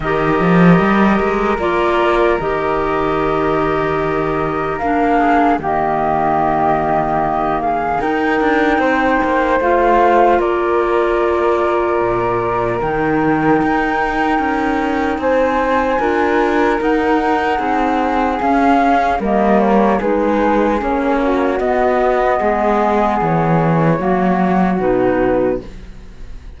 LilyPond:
<<
  \new Staff \with { instrumentName = "flute" } { \time 4/4 \tempo 4 = 75 dis''2 d''4 dis''4~ | dis''2 f''4 dis''4~ | dis''4. f''8 g''2 | f''4 d''2. |
g''2. gis''4~ | gis''4 fis''2 f''4 | dis''8 cis''8 b'4 cis''4 dis''4~ | dis''4 cis''2 b'4 | }
  \new Staff \with { instrumentName = "flute" } { \time 4/4 ais'1~ | ais'2~ ais'8 gis'8 g'4~ | g'4. gis'8 ais'4 c''4~ | c''4 ais'2.~ |
ais'2. c''4 | ais'2 gis'2 | ais'4 gis'4. fis'4. | gis'2 fis'2 | }
  \new Staff \with { instrumentName = "clarinet" } { \time 4/4 g'2 f'4 g'4~ | g'2 d'4 ais4~ | ais2 dis'2 | f'1 |
dis'1 | f'4 dis'2 cis'4 | ais4 dis'4 cis'4 b4~ | b2 ais4 dis'4 | }
  \new Staff \with { instrumentName = "cello" } { \time 4/4 dis8 f8 g8 gis8 ais4 dis4~ | dis2 ais4 dis4~ | dis2 dis'8 d'8 c'8 ais8 | a4 ais2 ais,4 |
dis4 dis'4 cis'4 c'4 | d'4 dis'4 c'4 cis'4 | g4 gis4 ais4 b4 | gis4 e4 fis4 b,4 | }
>>